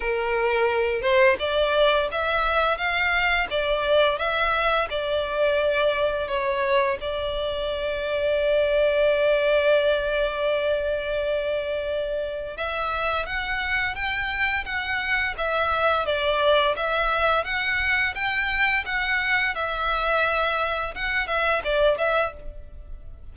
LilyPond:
\new Staff \with { instrumentName = "violin" } { \time 4/4 \tempo 4 = 86 ais'4. c''8 d''4 e''4 | f''4 d''4 e''4 d''4~ | d''4 cis''4 d''2~ | d''1~ |
d''2 e''4 fis''4 | g''4 fis''4 e''4 d''4 | e''4 fis''4 g''4 fis''4 | e''2 fis''8 e''8 d''8 e''8 | }